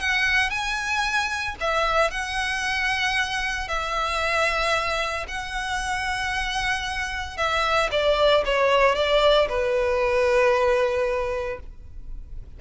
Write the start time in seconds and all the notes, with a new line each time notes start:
0.00 F#5
0.50 G#5
1.61 E5
2.11 F#5
3.68 E5
5.28 F#5
7.37 E5
7.91 D5
8.45 C#5
8.95 D5
9.49 B4